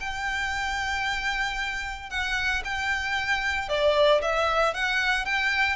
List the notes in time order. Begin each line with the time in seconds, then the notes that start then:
0.00 G5
2.10 F#5
2.64 G5
3.69 D5
4.22 E5
4.74 F#5
5.25 G5